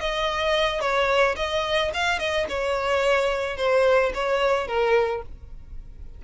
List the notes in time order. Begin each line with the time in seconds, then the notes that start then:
0.00 D#5
0.81 C#5
1.36 D#5
1.94 F5
2.19 D#5
2.49 C#5
3.57 C5
4.14 C#5
4.67 A#4